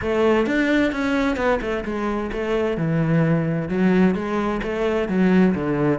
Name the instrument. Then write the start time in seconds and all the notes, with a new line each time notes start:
cello
0.01 A3
0.46 D4
0.91 C#4
1.36 B3
1.61 A3
1.84 G#3
2.31 A3
2.77 E3
3.68 F#3
4.14 G#3
4.62 A3
5.08 F#3
5.54 D3